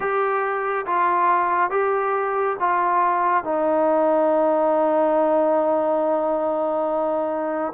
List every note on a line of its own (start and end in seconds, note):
0.00 0.85 G4
0.86 1.70 F4
1.70 2.56 G4
2.59 3.44 F4
3.44 7.72 D#4